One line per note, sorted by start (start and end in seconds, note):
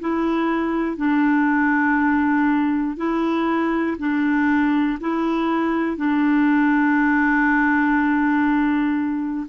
0.00 0.96 E4
0.96 2.96 D4
2.96 3.96 E4
3.98 4.98 D4
5.00 5.96 E4
5.96 9.46 D4